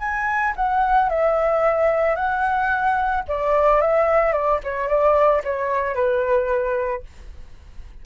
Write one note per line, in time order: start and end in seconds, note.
0.00 0.54 G#5
0.57 1.10 F#5
1.10 2.16 E5
2.16 3.24 F#5
3.29 3.82 D5
3.82 4.33 E5
4.33 4.60 D5
4.64 4.88 C#5
4.88 5.43 D5
5.44 5.95 C#5
5.95 7.03 B4